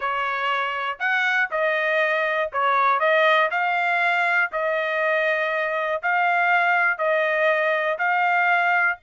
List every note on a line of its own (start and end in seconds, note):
0.00 0.98 C#5
0.99 1.49 F#5
1.50 2.50 D#5
2.52 2.99 C#5
2.99 3.49 D#5
3.50 4.50 F5
4.52 6.02 D#5
6.02 6.97 F5
6.97 7.97 D#5
7.98 8.98 F5